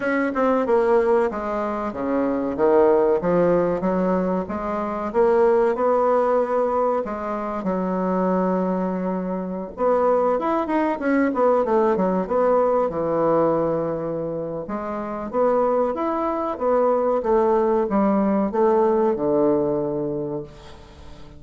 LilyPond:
\new Staff \with { instrumentName = "bassoon" } { \time 4/4 \tempo 4 = 94 cis'8 c'8 ais4 gis4 cis4 | dis4 f4 fis4 gis4 | ais4 b2 gis4 | fis2.~ fis16 b8.~ |
b16 e'8 dis'8 cis'8 b8 a8 fis8 b8.~ | b16 e2~ e8. gis4 | b4 e'4 b4 a4 | g4 a4 d2 | }